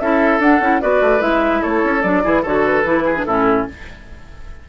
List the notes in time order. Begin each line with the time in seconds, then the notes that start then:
0.00 C#4 E4 A4 E5
0.40 D4 F#5
0.60 C#4 E4
0.81 B3 F#4 B4 D5
1.02 A3
1.20 G#3 E4 E5
1.61 A3 A4 C#5
1.84 C#4
2.02 F#3 D4 D5
2.23 E3 E4 G#4
2.42 D3 F#4 A4 C#5
2.65 B4
2.84 E3 E4
3.05 G#4
3.16 D4
3.25 A2 C#4 E4 A4